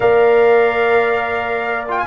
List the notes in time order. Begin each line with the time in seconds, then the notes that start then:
0.00 A#3 A#4 D5 F5
1.88 F4 G5
1.99 G#5